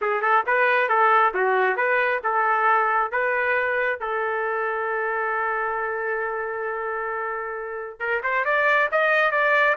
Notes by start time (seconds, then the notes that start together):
0.01 G#4
0.21 A4
0.46 B4
0.88 A4
1.34 F#4
1.76 B4
2.23 A4
3.11 B4
4.00 A4
7.99 A#4
8.23 C5
8.44 D5
8.91 D#5
9.31 D5